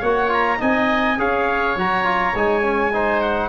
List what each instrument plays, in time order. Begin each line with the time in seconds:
0.00 tuba A#3, trombone F#4, oboe C#5, trumpet F#5
0.28 trombone F4, trumpet A#5
0.58 tuba C4, trombone D#4, oboe D#5, trumpet G#5
1.18 tuba C#4, trombone G#4, oboe C#5, trumpet F5
1.76 tuba F#3, trombone F#4, trumpet A#5
2.04 trombone F4
2.34 tuba G#3, trombone D#4, trumpet G#5
2.63 trombone C#4
2.93 trombone D#4, oboe C5
3.21 trumpet F#5